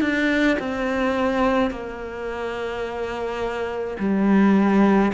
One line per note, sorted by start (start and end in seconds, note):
0.00 0.57 D4
0.59 1.70 C4
1.70 3.97 A#3
3.99 5.12 G3